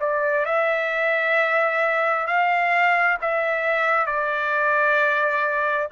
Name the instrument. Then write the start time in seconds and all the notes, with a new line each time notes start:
trumpet
0.00 D5
0.45 E5
2.27 F5
3.21 E5
4.06 D5